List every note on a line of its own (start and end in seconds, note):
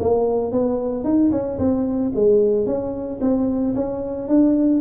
0.00 0.52 A#3
0.52 1.04 B3
1.04 1.31 D#4
1.32 1.59 C#4
1.59 2.12 C4
2.16 2.67 G#3
2.67 3.20 C#4
3.21 3.75 C4
3.75 4.29 C#4
4.29 4.81 D4